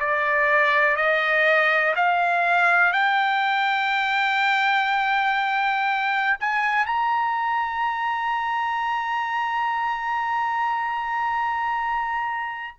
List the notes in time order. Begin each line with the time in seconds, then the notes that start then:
0.00 D5
0.96 D#5
1.96 F5
2.93 G5
6.40 G#5
6.86 A#5